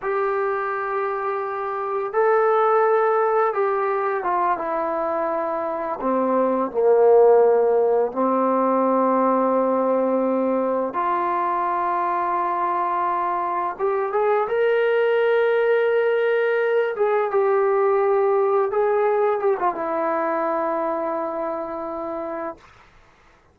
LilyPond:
\new Staff \with { instrumentName = "trombone" } { \time 4/4 \tempo 4 = 85 g'2. a'4~ | a'4 g'4 f'8 e'4.~ | e'8 c'4 ais2 c'8~ | c'2.~ c'8 f'8~ |
f'2.~ f'8 g'8 | gis'8 ais'2.~ ais'8 | gis'8 g'2 gis'4 g'16 f'16 | e'1 | }